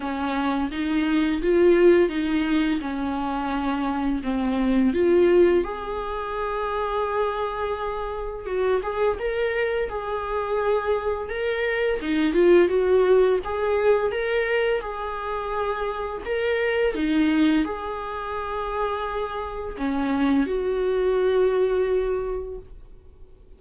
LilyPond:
\new Staff \with { instrumentName = "viola" } { \time 4/4 \tempo 4 = 85 cis'4 dis'4 f'4 dis'4 | cis'2 c'4 f'4 | gis'1 | fis'8 gis'8 ais'4 gis'2 |
ais'4 dis'8 f'8 fis'4 gis'4 | ais'4 gis'2 ais'4 | dis'4 gis'2. | cis'4 fis'2. | }